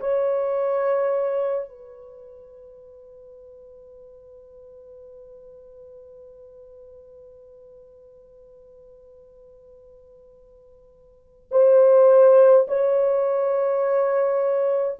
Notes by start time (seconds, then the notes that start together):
0.00 C#5
1.69 B4
11.51 C5
12.68 C#5